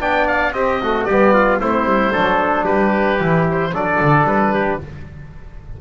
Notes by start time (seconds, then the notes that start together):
0.00 B3 D4 D5 G5
0.27 F5
0.52 C4 G4 D#5
0.83 A3 F#4
1.05 G3 G4 D5
1.11 B3
1.34 F4
1.61 A3 C4 E4 C5
1.85 G3
2.12 F#3 D4 A4
2.65 G3 G4 B4
3.20 E3 E4
3.51 C5
3.73 F#3 D4 A4 D5
4.01 D3
4.24 G3 B4
4.54 G4